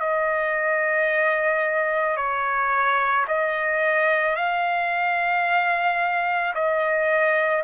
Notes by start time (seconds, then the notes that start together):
0.00 D#5
2.17 C#5
3.28 D#5
4.36 F5
6.55 D#5